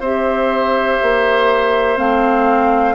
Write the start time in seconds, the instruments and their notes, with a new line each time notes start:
0.00 bassoon C4, clarinet G4, oboe C5, flute E5
1.02 bassoon A#3
1.97 bassoon A3, clarinet C4, flute F5